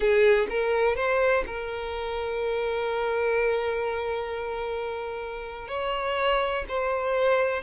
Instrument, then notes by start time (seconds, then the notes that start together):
violin
0.00 G#4
0.49 A#4
0.96 C5
1.46 A#4
5.68 C#5
6.68 C5